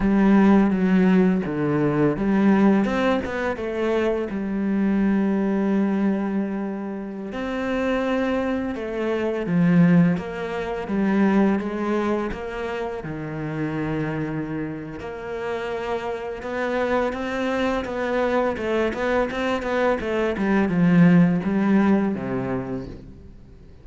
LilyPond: \new Staff \with { instrumentName = "cello" } { \time 4/4 \tempo 4 = 84 g4 fis4 d4 g4 | c'8 b8 a4 g2~ | g2~ g16 c'4.~ c'16~ | c'16 a4 f4 ais4 g8.~ |
g16 gis4 ais4 dis4.~ dis16~ | dis4 ais2 b4 | c'4 b4 a8 b8 c'8 b8 | a8 g8 f4 g4 c4 | }